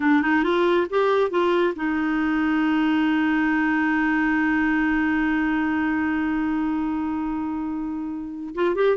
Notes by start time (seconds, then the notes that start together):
0.00 D4
0.21 D#4
0.43 F4
0.89 G4
1.30 F4
1.75 D#4
8.54 F4
8.75 G4